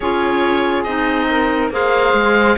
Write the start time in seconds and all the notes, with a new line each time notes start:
0.00 C#4 F4 G#4 C#5
0.83 C4 D#4 D#5
1.29 A#4
1.70 A#3 G#4 C5 F5
2.13 G#3